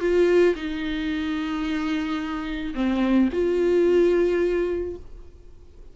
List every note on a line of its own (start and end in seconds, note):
0.00 0.55 F4
0.55 2.73 D#4
2.74 3.29 C4
3.32 4.96 F4